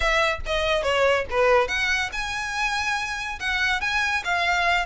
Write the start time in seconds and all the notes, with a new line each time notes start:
0.00 E5
0.46 D#5
0.82 C#5
1.30 B4
1.67 F#5
2.12 G#5
3.39 F#5
3.80 G#5
4.24 F5